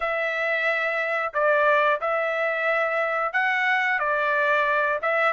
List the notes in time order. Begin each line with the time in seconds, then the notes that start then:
0.00 E5
1.33 D5
2.01 E5
3.32 F#5
3.99 D5
5.02 E5